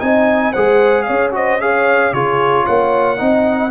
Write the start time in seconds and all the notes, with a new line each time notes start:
0.00 C4 D#4 D#5 G#5
0.53 G#3 G#4 C5 F#5
1.03 C#5 F5
1.10 C#4
1.32 F#4 C5 D#5
1.61 G#4 C#5 F5
2.13 C#3 F4 G#4 C#5
2.65 A#3 C#5 F#5
3.17 C4 D#4 D#5